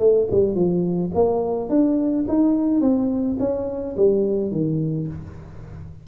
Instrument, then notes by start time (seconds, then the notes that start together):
tuba
0.00 A3
0.32 G3
0.56 F3
1.15 A#3
1.70 D4
2.29 D#4
2.81 C4
3.40 C#4
3.97 G3
4.52 D#3